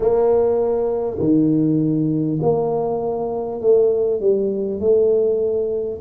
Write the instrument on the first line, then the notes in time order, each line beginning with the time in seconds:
tuba
0.00 A#3
1.19 D#3
2.42 A#3
3.61 A3
4.20 G3
4.79 A3